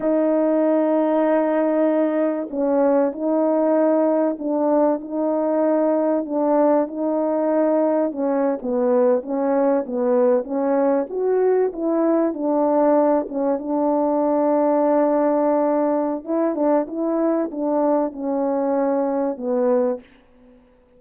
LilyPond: \new Staff \with { instrumentName = "horn" } { \time 4/4 \tempo 4 = 96 dis'1 | cis'4 dis'2 d'4 | dis'2 d'4 dis'4~ | dis'4 cis'8. b4 cis'4 b16~ |
b8. cis'4 fis'4 e'4 d'16~ | d'4~ d'16 cis'8 d'2~ d'16~ | d'2 e'8 d'8 e'4 | d'4 cis'2 b4 | }